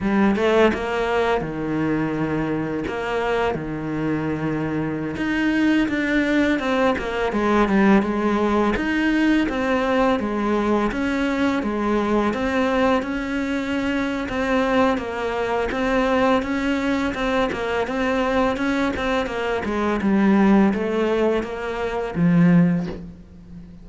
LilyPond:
\new Staff \with { instrumentName = "cello" } { \time 4/4 \tempo 4 = 84 g8 a8 ais4 dis2 | ais4 dis2~ dis16 dis'8.~ | dis'16 d'4 c'8 ais8 gis8 g8 gis8.~ | gis16 dis'4 c'4 gis4 cis'8.~ |
cis'16 gis4 c'4 cis'4.~ cis'16 | c'4 ais4 c'4 cis'4 | c'8 ais8 c'4 cis'8 c'8 ais8 gis8 | g4 a4 ais4 f4 | }